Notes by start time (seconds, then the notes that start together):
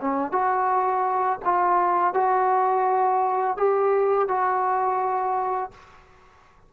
0.00 C#4
0.31 F#4
1.44 F4
2.14 F#4
3.56 G4
4.28 F#4